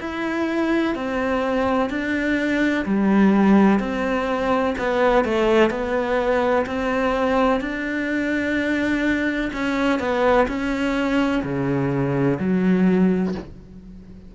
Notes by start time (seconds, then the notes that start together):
0.00 E4
0.95 C4
1.90 D4
2.85 G3
3.79 C4
4.78 B3
5.25 A3
5.70 B3
6.66 C4
7.61 D4
9.53 C#4
9.99 B3
10.48 C#4
11.43 C#3
12.39 F#3